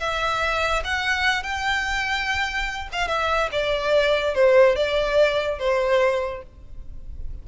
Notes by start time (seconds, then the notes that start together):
0.00 E5
0.84 F#5
1.43 G5
2.92 F5
3.08 E5
3.52 D5
4.35 C5
4.76 D5
5.59 C5